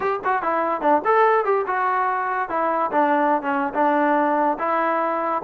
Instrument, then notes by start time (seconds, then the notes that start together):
trombone
0.00 G4
0.24 F#4
0.42 E4
0.81 D4
1.05 A4
1.45 G4
1.66 F#4
2.49 E4
2.91 D4
3.42 C#4
3.74 D4
4.58 E4